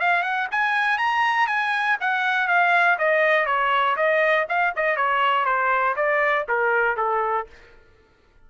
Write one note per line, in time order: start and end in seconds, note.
0.00 0.22 F5
0.22 0.47 F#5
0.51 0.98 G#5
0.98 1.47 A#5
1.47 1.97 G#5
2.00 2.48 F#5
2.48 2.97 F5
2.98 3.46 D#5
3.46 3.96 C#5
3.96 4.46 D#5
4.48 4.73 F5
4.76 4.96 D#5
4.96 5.45 C#5
5.45 5.95 C5
5.96 6.46 D5
6.48 6.96 A#4
6.96 7.46 A4